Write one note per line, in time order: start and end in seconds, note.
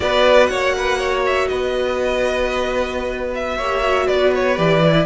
0.00 0.49 B3
0.00 3.59 F#4
0.00 0.50 B4
0.00 0.46 D5
0.46 1.49 A#3
0.46 0.75 C#5
0.46 1.21 F#5
0.77 0.99 B4
0.99 1.48 C#5
1.26 1.47 E5
1.47 3.58 B3
1.47 3.57 B4
1.47 3.33 D#5
3.35 4.07 E5
3.57 4.08 A#3
3.57 3.84 G4
3.57 4.06 C#5
3.84 4.56 F#4
4.06 4.58 B3
4.06 5.05 B4
4.06 4.32 D5
4.34 4.57 C#5
4.56 5.05 E3
4.56 4.80 G4
4.56 5.05 D5
4.85 5.05 E4